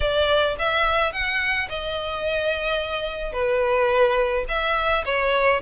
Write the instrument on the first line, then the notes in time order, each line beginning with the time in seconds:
violin
0.00 D5
0.58 E5
1.12 F#5
1.69 D#5
3.32 B4
4.48 E5
5.05 C#5